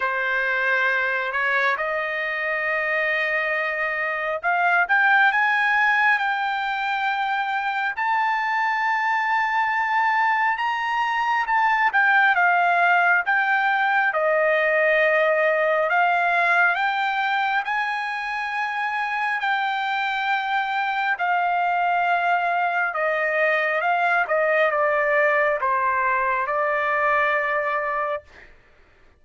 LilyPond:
\new Staff \with { instrumentName = "trumpet" } { \time 4/4 \tempo 4 = 68 c''4. cis''8 dis''2~ | dis''4 f''8 g''8 gis''4 g''4~ | g''4 a''2. | ais''4 a''8 g''8 f''4 g''4 |
dis''2 f''4 g''4 | gis''2 g''2 | f''2 dis''4 f''8 dis''8 | d''4 c''4 d''2 | }